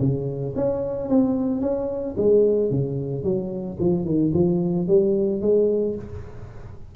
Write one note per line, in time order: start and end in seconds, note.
0.00 0.54 C#3
0.56 1.09 C#4
1.09 1.61 C4
1.61 2.15 C#4
2.17 2.70 G#3
2.70 3.23 C#3
3.23 3.77 F#3
3.80 4.05 F3
4.05 4.32 D#3
4.33 4.87 F3
4.88 5.41 G3
5.41 5.95 G#3